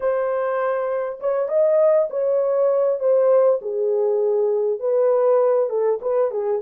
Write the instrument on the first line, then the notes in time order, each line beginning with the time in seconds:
horn
0.00 C5
1.20 C#5
1.48 D#5
2.09 C#5
2.99 C5
3.61 G#4
4.79 B4
5.69 A4
6.01 B4
6.31 G#4